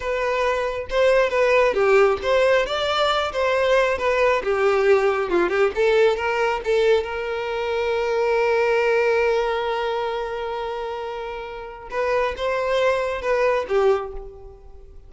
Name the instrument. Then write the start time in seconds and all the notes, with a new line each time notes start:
violin
0.00 B4
0.89 C5
1.29 B4
1.74 G4
2.22 C5
2.66 D5
3.32 C5
3.98 B4
4.43 G4
5.29 F4
5.49 G4
5.75 A4
6.16 A#4
6.64 A4
7.03 A#4
11.90 B4
12.36 C5
13.21 B4
13.68 G4